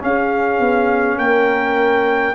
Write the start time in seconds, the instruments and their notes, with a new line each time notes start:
0.00 trombone C#4, tuba C#4, horn G#4, trumpet F5
0.60 tuba B3
1.18 tuba A#3, horn A#4, trumpet G5